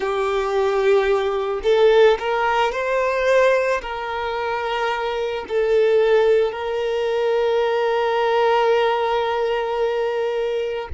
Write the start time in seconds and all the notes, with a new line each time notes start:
0.00 G4
1.63 A4
2.19 A#4
2.72 C5
3.81 A#4
5.48 A4
6.52 A#4